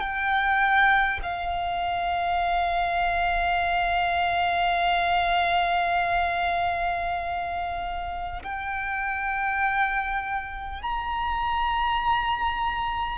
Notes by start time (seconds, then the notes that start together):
0.00 G5
1.23 F5
8.43 G5
10.83 A#5